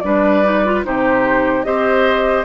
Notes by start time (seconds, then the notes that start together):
0.00 G3 D4 B4 D5
0.44 D#4
0.65 F4
0.84 C3 D#4 G4 C5
1.64 C4 G4 C5 D#5